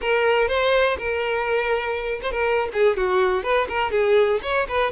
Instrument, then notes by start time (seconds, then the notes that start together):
violin
0.01 A#4
0.47 C5
0.97 A#4
2.21 C5
2.31 A#4
2.73 G#4
2.96 F#4
3.43 B4
3.69 A#4
3.91 G#4
4.42 C#5
4.68 B4